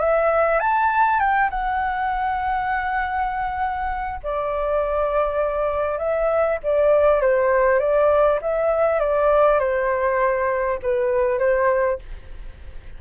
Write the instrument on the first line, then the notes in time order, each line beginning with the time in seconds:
flute
0.00 E5
0.60 A5
1.20 G5
1.51 F#5
4.24 D5
5.99 E5
6.64 D5
7.22 C5
7.79 D5
8.42 E5
9.00 D5
9.60 C5
10.83 B4
11.39 C5